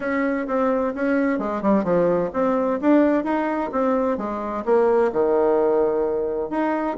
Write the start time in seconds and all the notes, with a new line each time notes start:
0.00 C#4
0.47 C4
0.95 C#4
1.38 G#3
1.62 G3
1.84 F3
2.33 C4
2.81 D4
3.24 D#4
3.71 C4
4.17 G#3
4.65 A#3
5.12 D#3
6.50 D#4